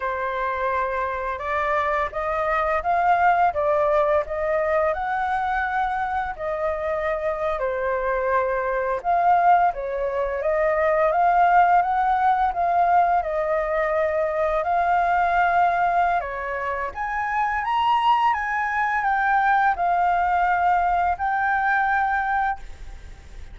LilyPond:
\new Staff \with { instrumentName = "flute" } { \time 4/4 \tempo 4 = 85 c''2 d''4 dis''4 | f''4 d''4 dis''4 fis''4~ | fis''4 dis''4.~ dis''16 c''4~ c''16~ | c''8. f''4 cis''4 dis''4 f''16~ |
f''8. fis''4 f''4 dis''4~ dis''16~ | dis''8. f''2~ f''16 cis''4 | gis''4 ais''4 gis''4 g''4 | f''2 g''2 | }